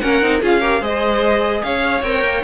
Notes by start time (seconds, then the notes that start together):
0.00 A#3 C#4 A#4 F#5
0.22 C4 D#4
0.42 C#4 F4 G#4 F5
0.61 G4 A#4
0.81 G#3 G#4 C5 D#5
1.64 C#4 C#5 F5
2.03 C4 A#4 G5
2.23 A#3